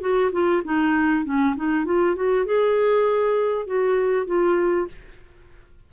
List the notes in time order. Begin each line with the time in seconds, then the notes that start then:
0.00 F#4
0.32 F4
0.64 D#4
1.25 C#4
1.56 D#4
1.85 F4
2.16 F#4
2.45 G#4
3.66 F#4
4.26 F4